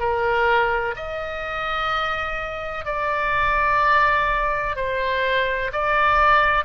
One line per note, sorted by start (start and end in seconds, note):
0.00 0.95 A#4
0.97 2.86 D#5
2.86 4.76 D5
4.76 5.71 C5
5.73 6.65 D5